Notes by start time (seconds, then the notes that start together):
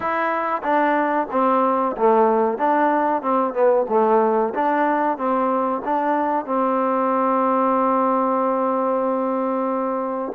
0.00 E4
0.62 D4
1.31 C4
1.96 A3
2.58 D4
3.22 C4
3.53 B3
3.89 A3
4.54 D4
5.17 C4
5.84 D4
6.45 C4